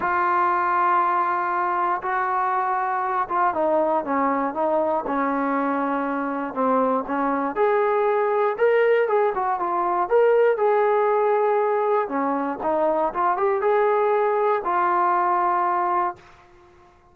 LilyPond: \new Staff \with { instrumentName = "trombone" } { \time 4/4 \tempo 4 = 119 f'1 | fis'2~ fis'8 f'8 dis'4 | cis'4 dis'4 cis'2~ | cis'4 c'4 cis'4 gis'4~ |
gis'4 ais'4 gis'8 fis'8 f'4 | ais'4 gis'2. | cis'4 dis'4 f'8 g'8 gis'4~ | gis'4 f'2. | }